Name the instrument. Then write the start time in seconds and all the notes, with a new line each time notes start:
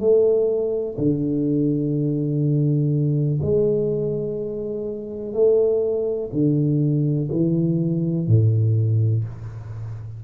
tuba
0.00 A3
0.98 D3
3.41 G#3
5.33 A3
6.33 D3
7.31 E3
8.27 A2